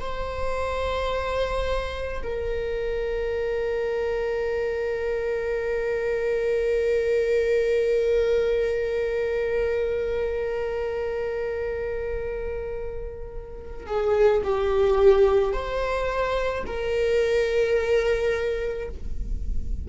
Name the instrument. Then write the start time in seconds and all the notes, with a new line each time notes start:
viola
0.00 C5
2.23 A#4
13.86 G#4
14.43 G4
15.53 C5
16.66 A#4